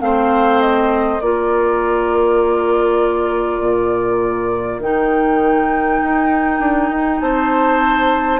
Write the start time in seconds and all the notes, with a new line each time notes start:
0.00 A3 C4 C5 F5
0.61 D#5
1.21 A#3 F4 A#4 D5
3.60 A#2
4.79 D#3 D#4 G5
6.03 D#4
6.60 D4
6.90 D#4
7.20 C4 C5 A5